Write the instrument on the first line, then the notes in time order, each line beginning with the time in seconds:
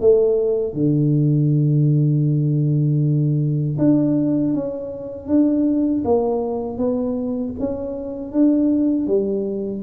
tuba
0.00 A3
0.73 D3
3.78 D4
4.53 C#4
5.27 D4
6.04 A#3
6.78 B3
7.59 C#4
8.32 D4
9.07 G3